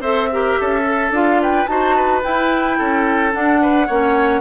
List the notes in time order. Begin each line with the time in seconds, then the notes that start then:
0.00 C4 A4 C5 E5
0.32 G4 A#4
0.60 C#4 A4
0.82 A4
1.10 D4 F4 F5
1.42 B4 G5
1.66 D#4 F#4 C5 A5
1.96 B4
2.22 E4 G5
2.78 C#4 A4
3.31 D4 F#5
3.61 B4
3.87 A#3 C#4 C#5